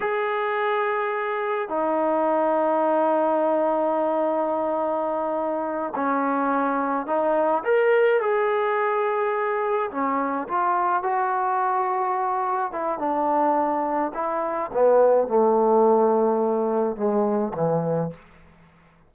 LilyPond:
\new Staff \with { instrumentName = "trombone" } { \time 4/4 \tempo 4 = 106 gis'2. dis'4~ | dis'1~ | dis'2~ dis'8 cis'4.~ | cis'8 dis'4 ais'4 gis'4.~ |
gis'4. cis'4 f'4 fis'8~ | fis'2~ fis'8 e'8 d'4~ | d'4 e'4 b4 a4~ | a2 gis4 e4 | }